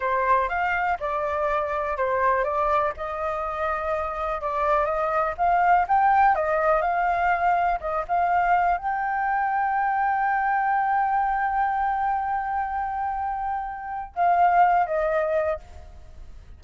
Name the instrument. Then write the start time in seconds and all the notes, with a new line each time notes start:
flute
0.00 C5
0.49 F5
1.00 D5
1.97 C5
2.44 D5
2.96 D#5
4.41 D5
4.85 D#5
5.37 F5
5.88 G5
6.35 D#5
6.81 F5
7.80 D#5
8.08 F5
8.77 G5
14.15 F5
14.86 D#5